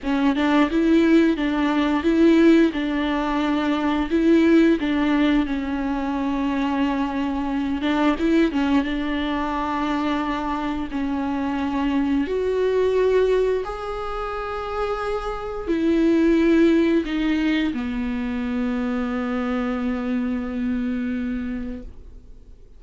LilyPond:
\new Staff \with { instrumentName = "viola" } { \time 4/4 \tempo 4 = 88 cis'8 d'8 e'4 d'4 e'4 | d'2 e'4 d'4 | cis'2.~ cis'8 d'8 | e'8 cis'8 d'2. |
cis'2 fis'2 | gis'2. e'4~ | e'4 dis'4 b2~ | b1 | }